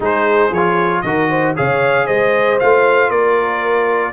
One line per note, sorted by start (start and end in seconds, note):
0.00 0.50 G#3
0.00 0.51 D#4
0.00 1.02 G#4
0.00 0.53 C5
0.50 1.02 F3
0.50 1.01 C#5
0.56 1.05 F4
1.01 1.55 D#3
1.01 1.55 F#4
1.01 1.29 A#4
1.01 1.53 D#5
1.29 1.55 C5
1.55 2.08 C#3
1.55 2.59 G#4
1.55 2.06 C#5
1.55 2.06 F5
2.06 2.60 G#3
2.06 3.09 C5
2.06 2.58 D#5
2.59 3.09 A3
2.59 4.13 F4
2.59 3.10 F5
3.09 4.13 A#3
3.09 4.13 A#4
3.09 4.13 D5